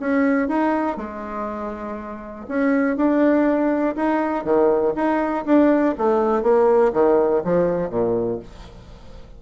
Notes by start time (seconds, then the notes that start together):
0.00 C#4
0.49 D#4
0.97 G#3
2.49 C#4
2.97 D4
3.96 D#4
4.44 D#3
4.96 D#4
5.46 D4
5.98 A3
6.43 A#3
6.93 D#3
7.45 F3
7.90 A#2